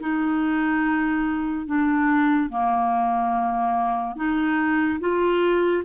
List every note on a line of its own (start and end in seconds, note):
0.00 1.66 D#4
1.66 2.50 D4
2.50 4.16 A#3
4.16 4.99 D#4
5.00 5.83 F4